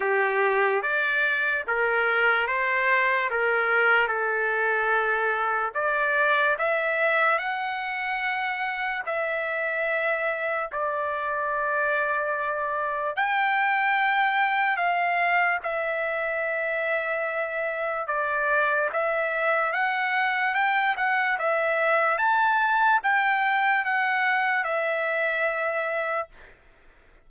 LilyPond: \new Staff \with { instrumentName = "trumpet" } { \time 4/4 \tempo 4 = 73 g'4 d''4 ais'4 c''4 | ais'4 a'2 d''4 | e''4 fis''2 e''4~ | e''4 d''2. |
g''2 f''4 e''4~ | e''2 d''4 e''4 | fis''4 g''8 fis''8 e''4 a''4 | g''4 fis''4 e''2 | }